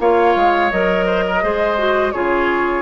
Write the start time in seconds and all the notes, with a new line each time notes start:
0.00 A#3 F4 C#5 F5
0.36 G#3
0.71 F#3 A#4 D#5
1.06 C5
1.27 A#4
1.42 G#3 G#4 C5
1.78 F#4
2.12 C#3 F4 G#4 C#5